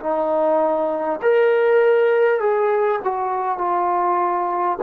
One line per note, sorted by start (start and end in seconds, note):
0.00 1.20 D#4
1.22 2.39 A#4
2.39 2.99 G#4
3.04 3.58 F#4
3.58 4.78 F4